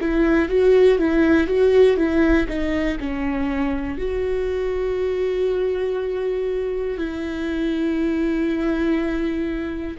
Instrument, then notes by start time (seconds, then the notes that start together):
viola
0.00 E4
0.49 F#4
0.98 E4
1.47 F#4
1.96 E4
2.48 D#4
2.99 C#4
3.98 F#4
6.98 E4